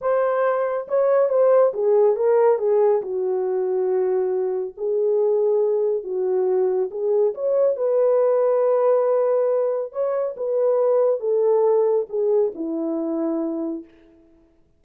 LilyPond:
\new Staff \with { instrumentName = "horn" } { \time 4/4 \tempo 4 = 139 c''2 cis''4 c''4 | gis'4 ais'4 gis'4 fis'4~ | fis'2. gis'4~ | gis'2 fis'2 |
gis'4 cis''4 b'2~ | b'2. cis''4 | b'2 a'2 | gis'4 e'2. | }